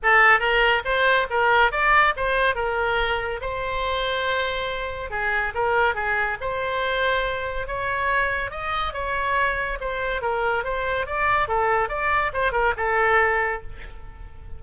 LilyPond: \new Staff \with { instrumentName = "oboe" } { \time 4/4 \tempo 4 = 141 a'4 ais'4 c''4 ais'4 | d''4 c''4 ais'2 | c''1 | gis'4 ais'4 gis'4 c''4~ |
c''2 cis''2 | dis''4 cis''2 c''4 | ais'4 c''4 d''4 a'4 | d''4 c''8 ais'8 a'2 | }